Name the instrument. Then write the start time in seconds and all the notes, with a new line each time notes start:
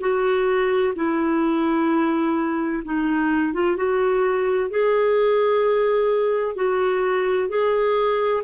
clarinet
0.00 F#4
0.95 E4
2.84 D#4
3.53 F4
3.77 F#4
4.70 G#4
6.55 F#4
7.49 G#4